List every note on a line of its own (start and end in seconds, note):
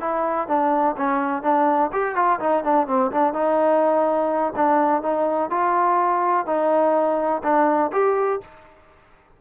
0.00 0.47 E4
0.47 0.95 D4
0.97 1.42 C#4
1.42 1.90 D4
1.92 2.15 G4
2.15 2.39 F4
2.40 2.63 D#4
2.63 2.87 D4
2.87 3.11 C4
3.11 3.33 D4
3.33 4.53 D#4
4.55 5.02 D4
5.02 5.50 D#4
5.50 6.46 F4
6.46 7.42 D#4
7.43 7.91 D4
7.92 8.40 G4